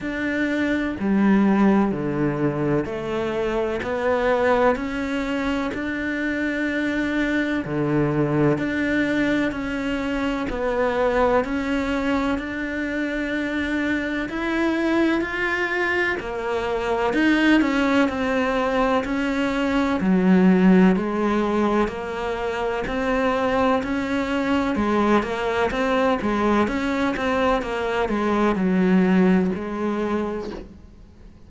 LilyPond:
\new Staff \with { instrumentName = "cello" } { \time 4/4 \tempo 4 = 63 d'4 g4 d4 a4 | b4 cis'4 d'2 | d4 d'4 cis'4 b4 | cis'4 d'2 e'4 |
f'4 ais4 dis'8 cis'8 c'4 | cis'4 fis4 gis4 ais4 | c'4 cis'4 gis8 ais8 c'8 gis8 | cis'8 c'8 ais8 gis8 fis4 gis4 | }